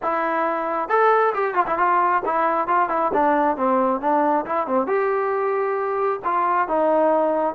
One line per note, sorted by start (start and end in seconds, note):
0.02 0.88 E4
0.88 1.33 A4
1.34 1.54 G4
1.54 1.65 F4
1.66 1.78 E4
1.78 2.22 F4
2.25 2.67 E4
2.67 2.89 F4
2.89 3.11 E4
3.13 3.56 D4
3.56 4.00 C4
4.00 4.45 D4
4.45 4.66 E4
4.66 4.86 C4
4.86 6.20 G4
6.24 6.67 F4
6.67 7.54 D#4